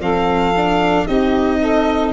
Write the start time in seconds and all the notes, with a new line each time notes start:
0.00 F3 C4 A4 F5
0.56 D4
1.05 C4 D#4 G4 D#5
1.62 A4